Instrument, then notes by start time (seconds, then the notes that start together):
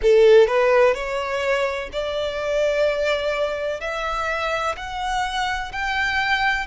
violin
0.02 A4
0.47 B4
0.94 C#5
1.92 D5
3.80 E5
4.76 F#5
5.71 G5